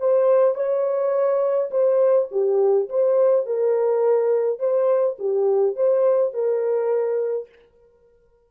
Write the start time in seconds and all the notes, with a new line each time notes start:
0.00 C5
0.55 C#5
1.71 C5
2.32 G4
2.90 C5
3.46 A#4
4.60 C5
5.19 G4
5.77 C5
6.34 A#4